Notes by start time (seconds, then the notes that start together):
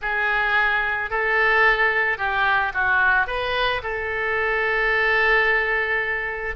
0.01 G#4
1.10 A4
2.17 G4
2.73 F#4
3.27 B4
3.82 A4